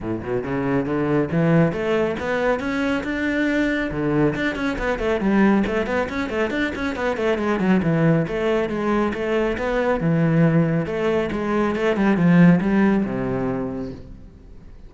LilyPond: \new Staff \with { instrumentName = "cello" } { \time 4/4 \tempo 4 = 138 a,8 b,8 cis4 d4 e4 | a4 b4 cis'4 d'4~ | d'4 d4 d'8 cis'8 b8 a8 | g4 a8 b8 cis'8 a8 d'8 cis'8 |
b8 a8 gis8 fis8 e4 a4 | gis4 a4 b4 e4~ | e4 a4 gis4 a8 g8 | f4 g4 c2 | }